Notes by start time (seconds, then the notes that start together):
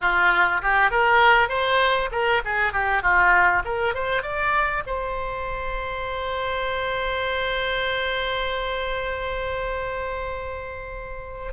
0.01 F4
0.62 G4
0.91 A#4
1.48 C5
2.11 A#4
2.44 G#4
2.72 G4
3.02 F4
3.64 A#4
3.94 C5
4.22 D5
4.86 C5